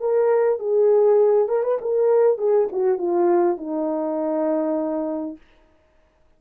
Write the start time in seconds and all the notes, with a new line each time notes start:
0.00 A#4
0.59 G#4
1.48 A#4
1.63 B4
1.81 A#4
2.38 G#4
2.72 F#4
2.98 F4
3.57 D#4